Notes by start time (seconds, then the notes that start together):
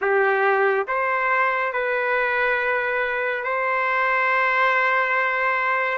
0.01 G4
0.87 C5
1.72 B4
3.44 C5